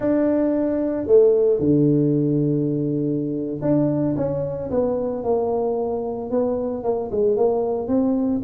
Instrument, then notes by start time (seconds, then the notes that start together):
tuba
0.00 D4
1.06 A3
1.59 D3
3.61 D4
4.16 C#4
4.70 B3
5.23 A#3
6.30 B3
6.83 A#3
7.11 G#3
7.36 A#3
7.87 C4